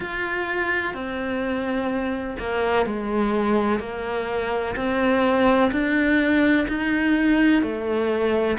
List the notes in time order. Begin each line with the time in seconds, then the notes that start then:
0.00 F4
0.94 C4
2.39 A#3
2.86 G#3
3.79 A#3
4.76 C4
5.71 D4
6.68 D#4
7.62 A3